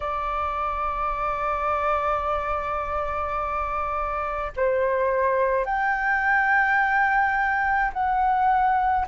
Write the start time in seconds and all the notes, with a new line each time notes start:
0.00 D5
4.56 C5
5.64 G5
7.93 F#5